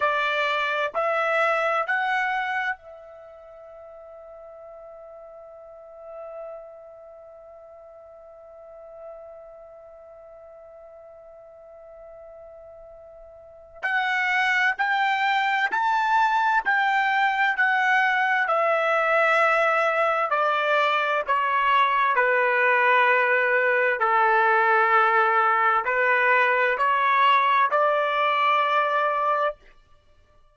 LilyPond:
\new Staff \with { instrumentName = "trumpet" } { \time 4/4 \tempo 4 = 65 d''4 e''4 fis''4 e''4~ | e''1~ | e''1~ | e''2. fis''4 |
g''4 a''4 g''4 fis''4 | e''2 d''4 cis''4 | b'2 a'2 | b'4 cis''4 d''2 | }